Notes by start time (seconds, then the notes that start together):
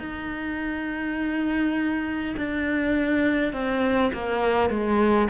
0.00 D#4
2.37 D4
3.53 C4
4.13 A#3
4.70 G#3